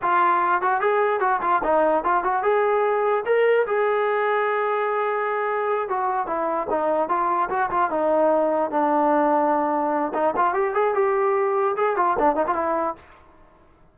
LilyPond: \new Staff \with { instrumentName = "trombone" } { \time 4/4 \tempo 4 = 148 f'4. fis'8 gis'4 fis'8 f'8 | dis'4 f'8 fis'8 gis'2 | ais'4 gis'2.~ | gis'2~ gis'8 fis'4 e'8~ |
e'8 dis'4 f'4 fis'8 f'8 dis'8~ | dis'4. d'2~ d'8~ | d'4 dis'8 f'8 g'8 gis'8 g'4~ | g'4 gis'8 f'8 d'8 dis'16 f'16 e'4 | }